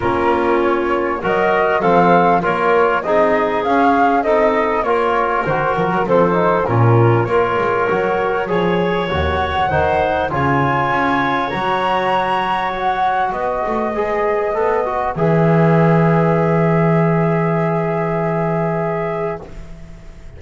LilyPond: <<
  \new Staff \with { instrumentName = "flute" } { \time 4/4 \tempo 4 = 99 ais'4 cis''4 dis''4 f''4 | cis''4 dis''4 f''4 dis''4 | cis''4 c''8 ais'8 c''4 ais'4 | cis''2. fis''4~ |
fis''4 gis''2 ais''4~ | ais''4 fis''4 dis''2~ | dis''4 e''2.~ | e''1 | }
  \new Staff \with { instrumentName = "clarinet" } { \time 4/4 f'2 ais'4 a'4 | ais'4 gis'2 a'4 | ais'2 a'4 f'4 | ais'2 cis''2 |
c''4 cis''2.~ | cis''2 b'2~ | b'1~ | b'1 | }
  \new Staff \with { instrumentName = "trombone" } { \time 4/4 cis'2 fis'4 c'4 | f'4 dis'4 cis'4 dis'4 | f'4 fis'4 c'8 dis'8 cis'4 | f'4 fis'4 gis'4 fis'4 |
dis'4 f'2 fis'4~ | fis'2. gis'4 | a'8 fis'8 gis'2.~ | gis'1 | }
  \new Staff \with { instrumentName = "double bass" } { \time 4/4 ais2 fis4 f4 | ais4 c'4 cis'4 c'4 | ais4 dis8 f16 fis16 f4 ais,4 | ais8 gis8 fis4 f4 dis,4 |
dis4 cis4 cis'4 fis4~ | fis2 b8 a8 gis4 | b4 e2.~ | e1 | }
>>